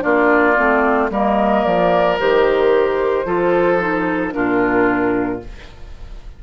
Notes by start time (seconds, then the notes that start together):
0.00 A#3 D4 F4 D5
0.56 A3 C4
1.10 G3 A#3 A#4 D#5
1.64 F3 D5
2.19 D#3 G4 C5
3.25 F3 F4 A4
3.79 D#4
4.31 A#2 D4 F4 A#4